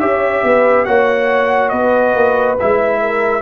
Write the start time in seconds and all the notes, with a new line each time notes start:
0.00 C#4 G4 C#5 E5
0.44 B3 B4
0.85 A#3 F#4 C#5 F#5
1.69 B3 B4 D#5
2.15 A#3
2.60 G#3 E4 E5
3.01 A#4